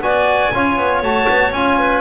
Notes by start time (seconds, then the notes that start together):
0.00 B3 F#4 D5 G#5
0.54 C#4 F4 C#5
0.77 B3
1.02 A3 F#4 A5
1.29 B3
1.52 C#4 F4 G#5
1.79 B4